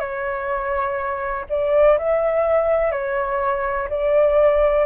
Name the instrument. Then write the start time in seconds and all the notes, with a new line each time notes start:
flute
0.00 C#5
1.50 D5
1.99 E5
2.92 C#5
3.90 D5